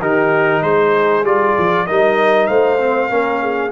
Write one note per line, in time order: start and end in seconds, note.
0.00 0.61 D#3
0.00 1.25 D#4
0.00 0.62 G4
0.00 0.62 A#4
0.61 1.22 G#3
0.61 1.87 G#4
0.61 1.24 C5
1.22 1.53 G3
1.22 1.87 F4
1.22 1.87 D5
1.58 1.89 F3
1.87 2.49 G3
1.87 2.79 D#4
1.87 2.48 A#4
1.87 2.47 D#5
2.47 3.10 A3
2.47 3.10 C5
2.47 3.70 F5
2.79 3.09 C4
3.09 3.72 A#3
3.09 3.71 C#4
3.09 3.42 A#4
3.42 3.72 G#4